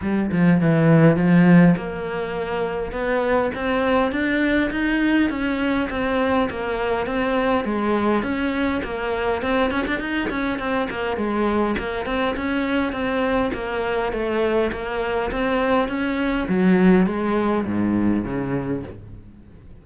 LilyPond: \new Staff \with { instrumentName = "cello" } { \time 4/4 \tempo 4 = 102 g8 f8 e4 f4 ais4~ | ais4 b4 c'4 d'4 | dis'4 cis'4 c'4 ais4 | c'4 gis4 cis'4 ais4 |
c'8 cis'16 d'16 dis'8 cis'8 c'8 ais8 gis4 | ais8 c'8 cis'4 c'4 ais4 | a4 ais4 c'4 cis'4 | fis4 gis4 gis,4 cis4 | }